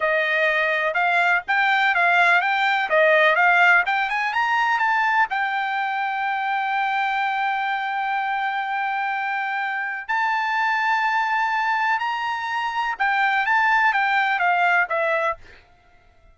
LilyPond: \new Staff \with { instrumentName = "trumpet" } { \time 4/4 \tempo 4 = 125 dis''2 f''4 g''4 | f''4 g''4 dis''4 f''4 | g''8 gis''8 ais''4 a''4 g''4~ | g''1~ |
g''1~ | g''4 a''2.~ | a''4 ais''2 g''4 | a''4 g''4 f''4 e''4 | }